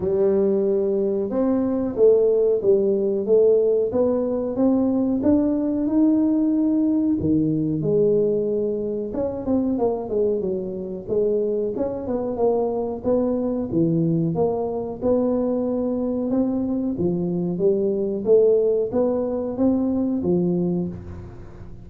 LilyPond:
\new Staff \with { instrumentName = "tuba" } { \time 4/4 \tempo 4 = 92 g2 c'4 a4 | g4 a4 b4 c'4 | d'4 dis'2 dis4 | gis2 cis'8 c'8 ais8 gis8 |
fis4 gis4 cis'8 b8 ais4 | b4 e4 ais4 b4~ | b4 c'4 f4 g4 | a4 b4 c'4 f4 | }